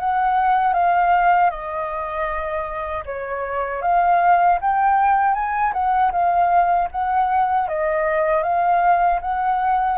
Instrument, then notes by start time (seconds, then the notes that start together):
flute
0.00 F#5
0.73 F5
1.50 D#5
3.06 C#5
3.82 F5
4.61 G5
5.34 G#5
5.73 F#5
6.12 F5
6.91 F#5
7.68 D#5
8.43 F5
9.22 F#5